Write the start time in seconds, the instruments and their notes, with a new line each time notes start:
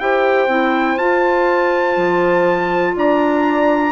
0.00 bassoon E4, clarinet G4, horn C5, trumpet G5
0.48 bassoon C4, clarinet E4
0.97 bassoon F4, clarinet F4, trumpet A5
1.97 bassoon F3
2.96 bassoon D4, horn D5, trumpet A#5